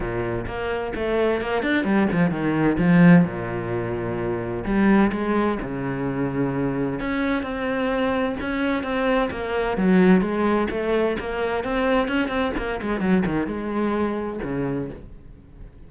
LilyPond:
\new Staff \with { instrumentName = "cello" } { \time 4/4 \tempo 4 = 129 ais,4 ais4 a4 ais8 d'8 | g8 f8 dis4 f4 ais,4~ | ais,2 g4 gis4 | cis2. cis'4 |
c'2 cis'4 c'4 | ais4 fis4 gis4 a4 | ais4 c'4 cis'8 c'8 ais8 gis8 | fis8 dis8 gis2 cis4 | }